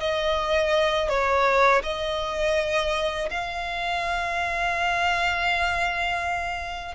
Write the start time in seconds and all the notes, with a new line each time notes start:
0.00 D#5
1.09 C#5
1.83 D#5
3.31 F5